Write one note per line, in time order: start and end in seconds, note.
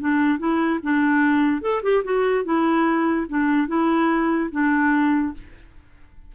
0.00 0.39 D4
0.39 0.80 E4
0.83 1.62 D4
1.62 1.82 A4
1.83 2.03 G4
2.04 2.44 F#4
2.44 3.27 E4
3.29 3.68 D4
3.68 4.50 E4
4.51 5.34 D4